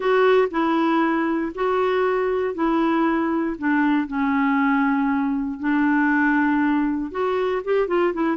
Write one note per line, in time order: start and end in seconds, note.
0.00 0.48 F#4
0.50 1.52 E4
1.54 2.54 F#4
2.54 3.56 E4
3.58 4.07 D4
4.07 5.59 C#4
5.59 7.11 D4
7.11 7.62 F#4
7.64 7.87 G4
7.87 8.13 F4
8.13 8.36 E4